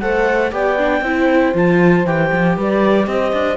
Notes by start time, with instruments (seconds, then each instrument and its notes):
0.00 cello A3, viola A4, horn C5, clarinet F#5
0.51 cello B3, viola G4, horn D5, clarinet G5
0.78 viola D4
1.01 cello C4, viola E4, horn C5
1.54 cello F3, viola F4, clarinet A5
2.05 cello E3, viola G4, clarinet G5
2.32 cello F3
2.57 cello G3, horn B4, clarinet D5
3.07 cello C4, horn C5, clarinet D#5
3.32 cello D4